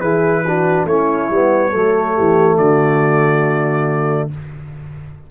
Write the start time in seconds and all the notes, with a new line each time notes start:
0.00 E3 E4 G#4 B4
0.46 D4 F#4
0.85 A3 C#4 E4 C#5
1.30 G3 B3
1.71 F#3 A3 A4
2.16 E3 G4
2.57 D3 F#4 D5